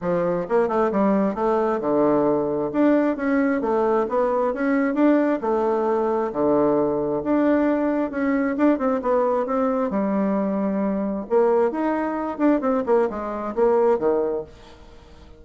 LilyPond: \new Staff \with { instrumentName = "bassoon" } { \time 4/4 \tempo 4 = 133 f4 ais8 a8 g4 a4 | d2 d'4 cis'4 | a4 b4 cis'4 d'4 | a2 d2 |
d'2 cis'4 d'8 c'8 | b4 c'4 g2~ | g4 ais4 dis'4. d'8 | c'8 ais8 gis4 ais4 dis4 | }